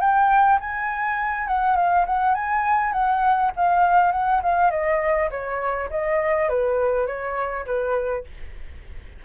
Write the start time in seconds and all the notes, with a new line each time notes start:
0.00 G5
0.60 G#5
1.47 F#5
1.76 F5
2.06 F#5
2.34 G#5
2.93 F#5
3.56 F5
4.12 F#5
4.43 F5
4.70 D#5
5.30 C#5
5.90 D#5
6.49 B4
7.06 C#5
7.66 B4